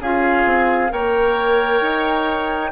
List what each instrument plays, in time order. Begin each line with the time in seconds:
0.00 bassoon C#4, clarinet F4, oboe G#4, flute F5
0.45 bassoon C4
0.89 bassoon A#3, clarinet A#4, oboe C#5, flute G5
1.81 bassoon D#4